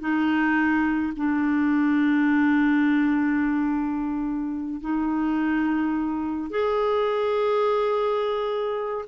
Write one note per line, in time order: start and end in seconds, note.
0.00 1.13 D#4
1.16 4.81 D4
4.81 6.50 D#4
6.50 9.05 G#4